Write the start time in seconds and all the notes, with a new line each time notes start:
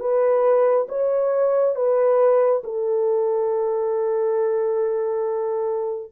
0.00 B4
0.89 C#5
1.76 B4
2.64 A4